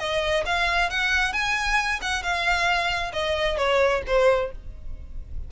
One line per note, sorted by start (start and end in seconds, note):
0.00 0.45 D#5
0.46 0.91 F5
0.91 1.34 F#5
1.34 2.01 G#5
2.02 2.23 F#5
2.23 3.13 F5
3.13 3.58 D#5
3.58 4.02 C#5
4.07 4.52 C5